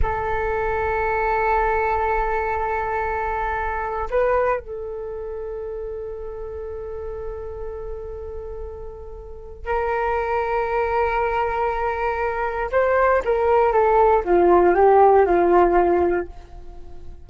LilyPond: \new Staff \with { instrumentName = "flute" } { \time 4/4 \tempo 4 = 118 a'1~ | a'1 | b'4 a'2.~ | a'1~ |
a'2. ais'4~ | ais'1~ | ais'4 c''4 ais'4 a'4 | f'4 g'4 f'2 | }